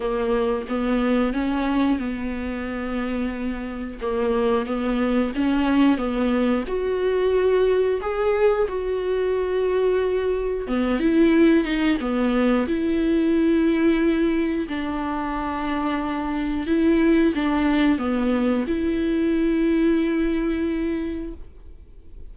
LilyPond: \new Staff \with { instrumentName = "viola" } { \time 4/4 \tempo 4 = 90 ais4 b4 cis'4 b4~ | b2 ais4 b4 | cis'4 b4 fis'2 | gis'4 fis'2. |
b8 e'4 dis'8 b4 e'4~ | e'2 d'2~ | d'4 e'4 d'4 b4 | e'1 | }